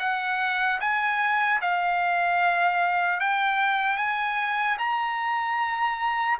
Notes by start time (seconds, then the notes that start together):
0.00 F#5
0.81 G#5
1.62 F5
3.20 G5
3.97 G#5
4.79 A#5